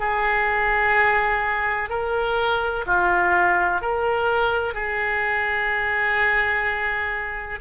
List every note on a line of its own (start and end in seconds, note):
0.00 1.90 G#4
1.90 2.85 A#4
2.87 3.82 F4
3.82 4.74 A#4
4.74 7.60 G#4